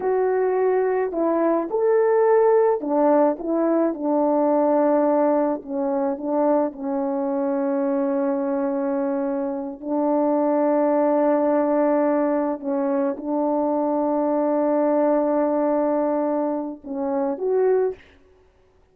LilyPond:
\new Staff \with { instrumentName = "horn" } { \time 4/4 \tempo 4 = 107 fis'2 e'4 a'4~ | a'4 d'4 e'4 d'4~ | d'2 cis'4 d'4 | cis'1~ |
cis'4. d'2~ d'8~ | d'2~ d'8 cis'4 d'8~ | d'1~ | d'2 cis'4 fis'4 | }